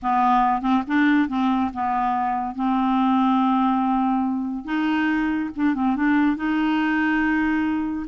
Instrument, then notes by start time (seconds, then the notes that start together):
clarinet
0.02 B3
0.61 C4
0.87 D4
1.28 C4
1.73 B3
2.55 C4
4.65 D#4
5.56 D4
5.74 C4
5.96 D4
6.36 D#4